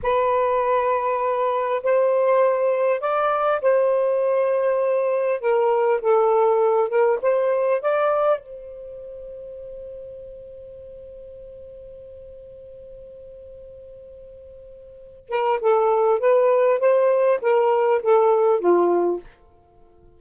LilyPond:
\new Staff \with { instrumentName = "saxophone" } { \time 4/4 \tempo 4 = 100 b'2. c''4~ | c''4 d''4 c''2~ | c''4 ais'4 a'4. ais'8 | c''4 d''4 c''2~ |
c''1~ | c''1~ | c''4. ais'8 a'4 b'4 | c''4 ais'4 a'4 f'4 | }